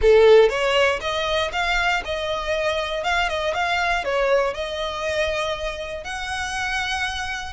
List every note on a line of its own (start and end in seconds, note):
0.01 0.49 A4
0.49 0.99 C#5
1.00 1.51 D#5
1.52 2.03 F5
2.04 3.03 D#5
3.03 3.28 F5
3.28 3.53 D#5
3.53 4.04 F5
4.04 4.54 C#5
4.54 6.04 D#5
6.04 7.53 F#5